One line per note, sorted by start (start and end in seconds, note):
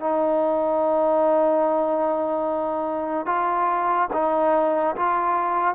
0.00 3.26 D#4
3.26 4.08 F4
4.14 4.96 D#4
4.96 5.75 F4